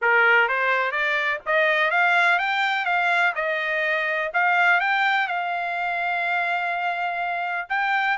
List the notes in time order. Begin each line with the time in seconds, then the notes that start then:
0.01 A#4
0.48 C5
0.91 D5
1.46 D#5
1.90 F5
2.38 G5
2.85 F5
3.35 D#5
4.33 F5
4.80 G5
5.27 F5
7.69 G5